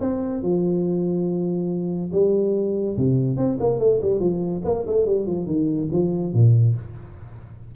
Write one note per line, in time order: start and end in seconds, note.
0.00 0.42 C4
0.42 2.11 F3
2.12 2.97 G3
2.97 3.37 C3
3.37 3.58 C4
3.60 3.79 A#3
3.79 4.00 A3
4.02 4.19 G3
4.19 4.62 F3
4.64 4.85 A#3
4.86 5.06 A3
5.06 5.26 G3
5.26 5.46 F3
5.46 5.88 D#3
5.92 6.33 F3
6.33 6.75 A#2